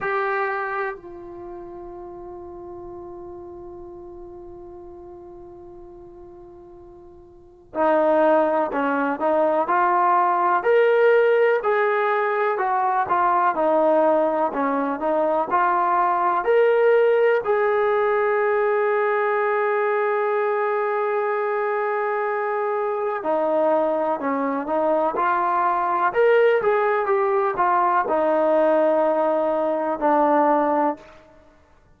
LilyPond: \new Staff \with { instrumentName = "trombone" } { \time 4/4 \tempo 4 = 62 g'4 f'2.~ | f'1 | dis'4 cis'8 dis'8 f'4 ais'4 | gis'4 fis'8 f'8 dis'4 cis'8 dis'8 |
f'4 ais'4 gis'2~ | gis'1 | dis'4 cis'8 dis'8 f'4 ais'8 gis'8 | g'8 f'8 dis'2 d'4 | }